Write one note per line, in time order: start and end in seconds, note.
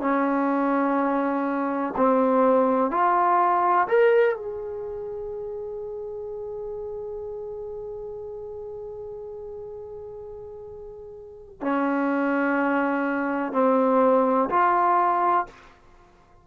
0.00 1.94 C#4
1.96 2.91 C4
2.91 3.88 F4
3.88 4.35 A#4
4.35 11.61 G#4
11.61 13.52 C#4
13.52 14.49 C4
14.49 15.46 F4